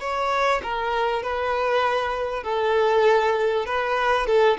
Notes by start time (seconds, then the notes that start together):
0.00 C#5
0.63 A#4
1.22 B4
2.43 A4
3.65 B4
4.26 A4